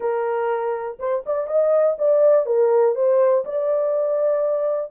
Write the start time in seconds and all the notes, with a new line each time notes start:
0.00 A#4
0.99 C5
1.26 D5
1.47 D#5
1.98 D5
2.45 A#4
2.95 C5
3.44 D5